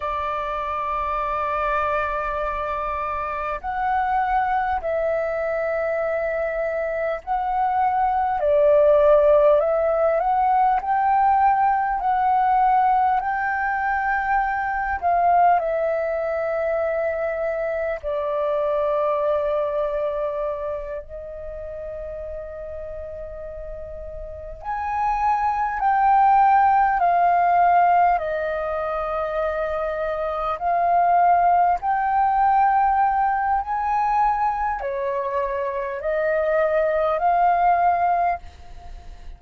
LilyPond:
\new Staff \with { instrumentName = "flute" } { \time 4/4 \tempo 4 = 50 d''2. fis''4 | e''2 fis''4 d''4 | e''8 fis''8 g''4 fis''4 g''4~ | g''8 f''8 e''2 d''4~ |
d''4. dis''2~ dis''8~ | dis''8 gis''4 g''4 f''4 dis''8~ | dis''4. f''4 g''4. | gis''4 cis''4 dis''4 f''4 | }